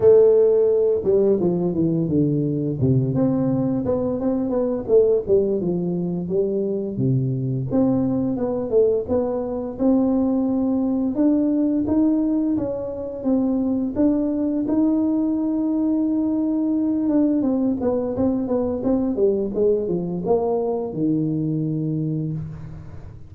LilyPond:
\new Staff \with { instrumentName = "tuba" } { \time 4/4 \tempo 4 = 86 a4. g8 f8 e8 d4 | c8 c'4 b8 c'8 b8 a8 g8 | f4 g4 c4 c'4 | b8 a8 b4 c'2 |
d'4 dis'4 cis'4 c'4 | d'4 dis'2.~ | dis'8 d'8 c'8 b8 c'8 b8 c'8 g8 | gis8 f8 ais4 dis2 | }